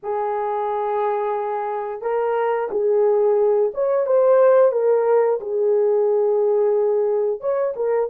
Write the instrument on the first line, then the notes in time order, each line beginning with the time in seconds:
horn
0.02 G#4
2.01 A#4
2.70 G#4
3.74 C#5
4.06 C5
4.72 A#4
5.40 G#4
7.40 C#5
7.75 A#4